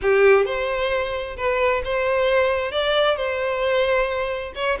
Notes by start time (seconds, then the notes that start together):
0.01 G4
0.45 C5
1.36 B4
1.84 C5
2.71 D5
3.16 C5
4.55 C#5